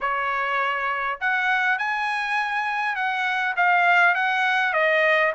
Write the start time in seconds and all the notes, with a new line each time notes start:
0.00 C#5
1.20 F#5
1.78 G#5
2.95 F#5
3.56 F5
4.14 F#5
4.73 D#5